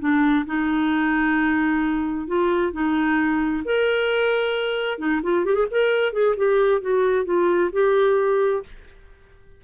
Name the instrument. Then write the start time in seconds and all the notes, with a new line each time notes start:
clarinet
0.00 D4
0.47 D#4
2.28 F4
2.73 D#4
3.65 A#4
4.99 D#4
5.23 F4
5.46 G4
5.55 G#4
5.71 A#4
6.13 G#4
6.37 G4
6.82 F#4
7.25 F4
7.73 G4